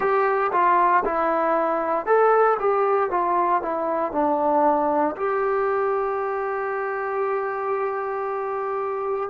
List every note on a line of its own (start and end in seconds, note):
0.00 0.51 G4
0.52 1.03 F4
1.04 2.05 E4
2.05 2.57 A4
2.59 3.10 G4
3.10 3.62 F4
3.62 4.11 E4
4.11 5.15 D4
5.16 9.30 G4